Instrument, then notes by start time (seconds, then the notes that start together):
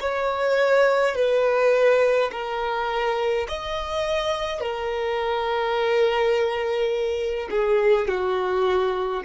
violin
0.00 C#5
1.15 B4
2.31 A#4
3.48 D#5
4.60 A#4
7.50 G#4
8.08 F#4